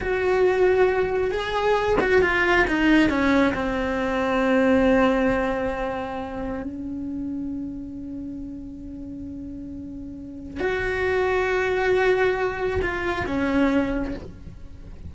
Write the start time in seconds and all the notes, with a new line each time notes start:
0.00 F#4
1.31 G#4
2.00 F#4
2.21 F4
2.67 D#4
3.09 C#4
3.54 C4
6.62 C#4
10.59 F#4
12.82 F4
13.26 C#4